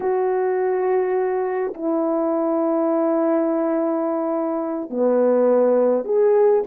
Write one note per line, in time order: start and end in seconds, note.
0.00 1.73 F#4
1.74 4.90 E4
4.90 6.04 B3
6.04 6.62 G#4